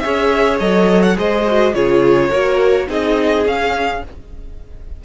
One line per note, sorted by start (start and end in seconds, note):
0.00 0.60 C#4
0.00 0.60 G#4
0.00 1.17 C#5
0.00 0.57 E5
0.60 1.17 F#3
0.60 1.16 A4
0.60 1.02 D#5
1.02 1.17 F#5
1.16 1.74 G#3
1.16 1.44 G#4
1.16 1.75 C5
1.16 1.74 D#5
1.48 1.74 F#4
1.74 2.31 C#3
1.74 2.31 F4
1.74 2.30 G#4
1.74 2.89 C#5
2.30 2.89 A#3
2.30 2.88 F#4
2.30 2.87 A#4
2.88 3.46 C4
2.88 3.45 D#4
2.88 4.03 G#4
2.88 3.47 D#5
3.46 4.03 C#4
3.46 4.05 F5